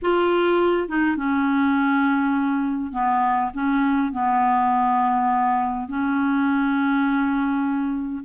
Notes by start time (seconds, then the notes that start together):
0.02 F4
0.88 D#4
1.16 C#4
2.92 B3
3.53 C#4
4.12 B3
5.88 C#4